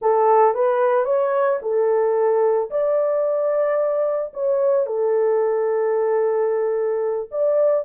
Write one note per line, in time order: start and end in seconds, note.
0.01 0.54 A4
0.54 1.04 B4
1.04 1.58 C#5
1.62 2.70 A4
2.70 4.32 D5
4.33 4.86 C#5
4.86 7.29 A4
7.31 7.85 D5